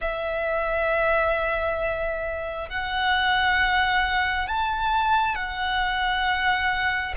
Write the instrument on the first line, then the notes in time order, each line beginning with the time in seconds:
violin
0.01 E5
2.69 F#5
4.47 A5
5.35 F#5